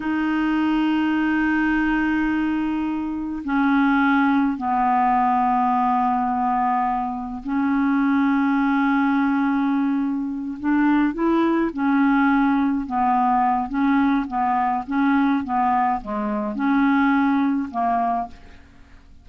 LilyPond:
\new Staff \with { instrumentName = "clarinet" } { \time 4/4 \tempo 4 = 105 dis'1~ | dis'2 cis'2 | b1~ | b4 cis'2.~ |
cis'2~ cis'8 d'4 e'8~ | e'8 cis'2 b4. | cis'4 b4 cis'4 b4 | gis4 cis'2 ais4 | }